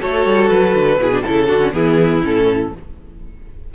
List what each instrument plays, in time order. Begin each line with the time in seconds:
0.00 cello A3, viola F#4, violin A4 C#5
0.26 cello G3
0.49 cello F#3, violin B4
0.75 cello D3
0.98 cello B2, viola E4, violin G#4
1.12 viola D4
1.23 cello C#3, viola E4, violin A4
1.47 cello D3, viola D4, violin F#4
1.61 viola C#4
1.72 cello E3, viola B3, violin E4 G#4
2.23 cello A2, viola C#4, violin A4